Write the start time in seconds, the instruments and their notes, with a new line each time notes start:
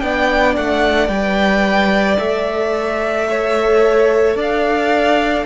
0.00 cello B3, viola D4, violin D5 G5
0.57 cello A3, violin F#5
1.08 cello G3, viola B4, violin G5
2.18 cello A3, viola A4, violin E5
3.29 violin C#5
4.35 cello D4, violin D5 F5